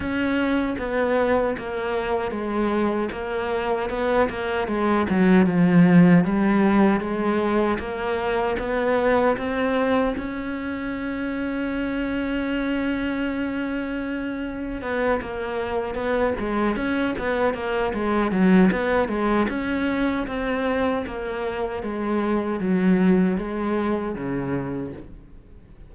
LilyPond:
\new Staff \with { instrumentName = "cello" } { \time 4/4 \tempo 4 = 77 cis'4 b4 ais4 gis4 | ais4 b8 ais8 gis8 fis8 f4 | g4 gis4 ais4 b4 | c'4 cis'2.~ |
cis'2. b8 ais8~ | ais8 b8 gis8 cis'8 b8 ais8 gis8 fis8 | b8 gis8 cis'4 c'4 ais4 | gis4 fis4 gis4 cis4 | }